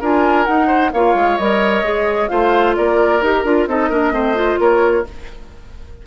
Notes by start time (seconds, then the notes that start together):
0.00 D4 F4 A#4 G#5
0.45 D#4 F#5
0.67 C5
0.92 A#3 F4 C#5 F5
1.14 G#3
1.37 G3 A#4 D#5
1.82 G#3 G#4
2.28 A3 F4 C5 F5
2.75 A#3 A#4 D5
3.21 D#4 G4 A#4
3.44 D4 F4
3.67 C4 D#4 A4 D#5
3.89 A#3 D4 A#4
4.11 A3 C4 C5
4.35 F4
4.58 A#3 A#4 C#5